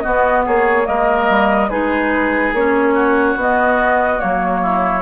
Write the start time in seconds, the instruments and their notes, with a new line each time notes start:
0.00 clarinet B3, bassoon B3, oboe F#4, flute D#5
0.45 bassoon A#3, oboe G#4, flute C#5
0.83 bassoon G#3, clarinet A#3, oboe A#4, flute D#5
1.28 bassoon G3
1.69 bassoon G#3, clarinet D#4, oboe G#4, flute B4
2.52 bassoon A#3, clarinet C#4, flute C#5
2.94 oboe F#4
3.35 bassoon B3, clarinet B3, flute D#5
4.17 bassoon F#3, clarinet A#3, flute C#5
4.62 oboe E4